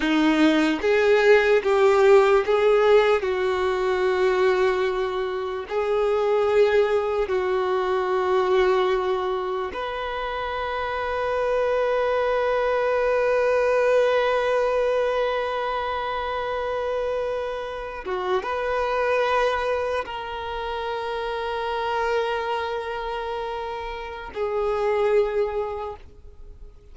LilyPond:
\new Staff \with { instrumentName = "violin" } { \time 4/4 \tempo 4 = 74 dis'4 gis'4 g'4 gis'4 | fis'2. gis'4~ | gis'4 fis'2. | b'1~ |
b'1~ | b'2~ b'16 fis'8 b'4~ b'16~ | b'8. ais'2.~ ais'16~ | ais'2 gis'2 | }